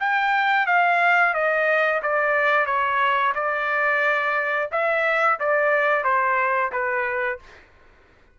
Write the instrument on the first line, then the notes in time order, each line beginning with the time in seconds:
trumpet
0.00 G5
0.66 F5
1.34 D#5
2.02 D5
2.66 C#5
3.35 D5
4.72 E5
5.40 D5
6.04 C5
6.72 B4